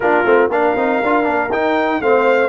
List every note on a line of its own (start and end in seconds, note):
0.00 0.22 A#3
0.00 0.24 D4
0.00 0.52 F4
0.00 0.51 A#4
0.24 0.49 A3
0.24 0.50 C4
0.49 0.74 A#3
0.49 0.77 D4
0.49 2.02 A#4
0.49 1.52 F5
0.75 1.00 C4
0.75 1.02 D#4
1.03 1.27 D4
1.03 1.23 F4
1.23 1.50 A#3
1.23 1.48 D4
1.50 2.00 D#4
1.50 2.02 D#4
1.50 2.01 G5
2.00 2.48 A3
2.00 2.48 C4
2.00 2.48 C5
2.00 2.48 F5